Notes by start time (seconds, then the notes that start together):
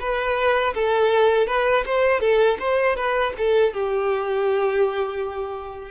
0.00 B4
0.74 A4
1.47 B4
1.86 C5
2.20 A4
2.60 C5
2.96 B4
3.38 A4
3.73 G4